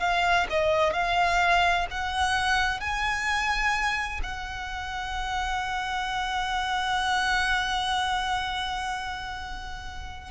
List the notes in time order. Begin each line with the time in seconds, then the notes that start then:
0.00 F5
0.50 D#5
0.93 F5
1.90 F#5
2.80 G#5
4.23 F#5